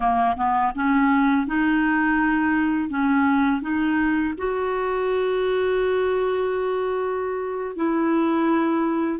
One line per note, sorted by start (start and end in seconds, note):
0.00 0.35 A#3
0.36 0.72 B3
0.75 1.47 C#4
1.47 2.89 D#4
2.89 3.61 C#4
3.61 4.34 D#4
4.37 7.75 F#4
7.75 9.19 E4